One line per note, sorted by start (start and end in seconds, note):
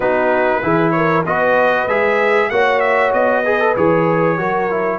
0.00 0.61 B3
0.00 0.62 D#4
0.00 0.62 F#4
0.00 0.91 B4
0.62 1.25 E3
0.62 1.25 E4
0.62 0.94 G#4
0.91 1.26 A#4
0.91 1.22 C#5
1.25 1.86 B3
1.25 1.88 F#4
1.25 2.51 B4
1.25 1.88 D#5
1.86 2.48 G#3
1.86 2.51 G#4
1.86 2.50 E5
2.50 3.13 A#3
2.50 3.45 F#4
2.50 3.43 C#5
2.50 2.80 F#5
2.80 3.11 E5
3.13 3.75 B3
3.13 3.75 D#5
3.43 3.60 G#4
3.43 4.37 B4
3.60 3.75 A4
3.76 4.39 E3
3.76 4.38 G#4
3.76 4.98 C#5
4.37 4.98 F#3
4.37 4.69 F#4
4.37 4.98 A#4
4.70 4.98 E4